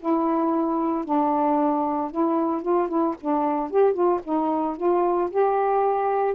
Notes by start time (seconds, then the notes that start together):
0.00 E4
1.05 D4
2.11 E4
2.62 F4
2.89 E4
3.21 D4
3.71 G4
3.94 F4
4.24 D#4
4.77 F4
5.31 G4